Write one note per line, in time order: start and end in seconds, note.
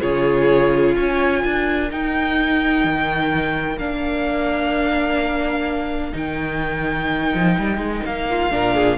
0.00 0.96 C#3
0.00 1.89 F4
0.00 0.94 G#4
0.00 0.96 C#5
0.96 1.44 C#4
0.96 1.41 C#5
0.96 1.91 G#5
1.41 1.91 D4
1.41 8.26 A#4
1.90 3.79 D#4
1.90 2.84 D#4
1.90 3.78 G5
2.84 3.77 D#3
3.77 6.13 A#3
3.77 6.12 D4
3.77 6.14 F5
6.12 7.33 D#3
6.12 8.48 D#4
6.12 8.05 G5
7.33 7.57 F3
7.59 7.77 G3
7.77 8.01 G#3
8.05 8.51 A#3
8.05 8.97 F5
8.30 8.52 F4
8.51 8.97 A#2
8.51 8.97 D4
8.51 8.75 A#4
8.75 8.97 G#4